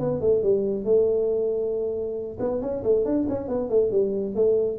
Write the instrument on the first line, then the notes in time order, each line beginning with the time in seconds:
tuba
0.00 B3
0.21 A3
0.43 G3
0.85 A3
2.40 B3
2.62 C#4
2.84 A3
3.06 D4
3.29 C#4
3.48 B3
3.70 A3
3.92 G3
4.35 A3